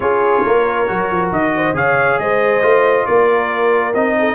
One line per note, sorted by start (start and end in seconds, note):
0.00 0.42 C#4
0.00 0.87 F4
0.00 0.44 G#4
0.00 1.29 C#5
0.44 0.89 A#3
0.44 1.53 A#4
0.87 1.11 F#3
0.87 1.74 F#4
1.11 1.31 F3
1.31 1.73 D#3
1.31 1.76 D#5
1.56 1.76 C5
1.73 2.17 C#3
1.73 2.61 G#4
1.73 2.20 C#5
1.73 2.19 F5
2.19 2.62 G#3
2.19 3.07 C5
2.19 3.06 D#5
2.61 3.06 A3
2.61 3.93 F4
3.06 3.94 A#3
3.06 4.17 A#4
3.06 3.93 D5
3.93 4.34 C4
3.93 4.34 D#4
3.93 4.34 D#5
4.19 4.34 A4